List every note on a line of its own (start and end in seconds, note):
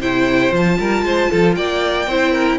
0.00 0.52 C3
0.00 0.52 E4
0.00 0.78 C5
0.00 0.54 G5
0.52 0.78 F3
0.52 2.07 F4
0.52 1.55 A5
0.79 1.02 G3
0.79 1.05 A#4
1.02 1.28 G#3
1.02 1.31 C5
1.31 1.56 F3
1.31 1.56 A4
1.55 2.07 A#3
1.55 2.08 D5
1.55 2.59 G5
2.07 2.59 C4
2.07 2.59 E4
2.07 2.33 C5
2.33 2.58 A#4